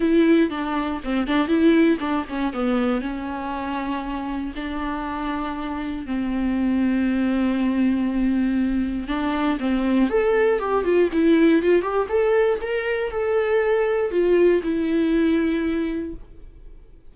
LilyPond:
\new Staff \with { instrumentName = "viola" } { \time 4/4 \tempo 4 = 119 e'4 d'4 c'8 d'8 e'4 | d'8 cis'8 b4 cis'2~ | cis'4 d'2. | c'1~ |
c'2 d'4 c'4 | a'4 g'8 f'8 e'4 f'8 g'8 | a'4 ais'4 a'2 | f'4 e'2. | }